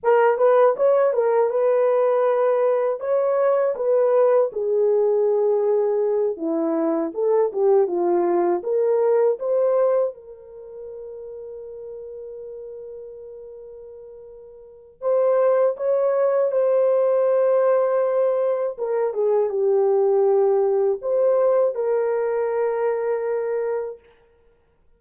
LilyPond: \new Staff \with { instrumentName = "horn" } { \time 4/4 \tempo 4 = 80 ais'8 b'8 cis''8 ais'8 b'2 | cis''4 b'4 gis'2~ | gis'8 e'4 a'8 g'8 f'4 ais'8~ | ais'8 c''4 ais'2~ ais'8~ |
ais'1 | c''4 cis''4 c''2~ | c''4 ais'8 gis'8 g'2 | c''4 ais'2. | }